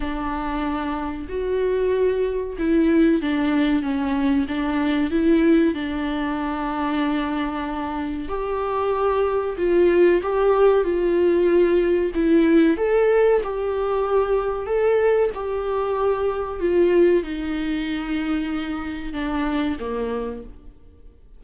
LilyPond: \new Staff \with { instrumentName = "viola" } { \time 4/4 \tempo 4 = 94 d'2 fis'2 | e'4 d'4 cis'4 d'4 | e'4 d'2.~ | d'4 g'2 f'4 |
g'4 f'2 e'4 | a'4 g'2 a'4 | g'2 f'4 dis'4~ | dis'2 d'4 ais4 | }